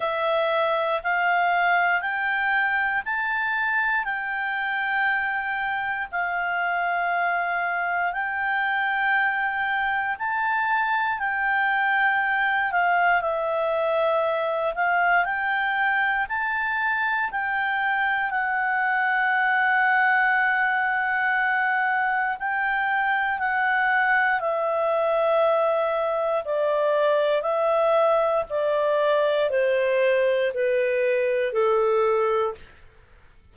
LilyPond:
\new Staff \with { instrumentName = "clarinet" } { \time 4/4 \tempo 4 = 59 e''4 f''4 g''4 a''4 | g''2 f''2 | g''2 a''4 g''4~ | g''8 f''8 e''4. f''8 g''4 |
a''4 g''4 fis''2~ | fis''2 g''4 fis''4 | e''2 d''4 e''4 | d''4 c''4 b'4 a'4 | }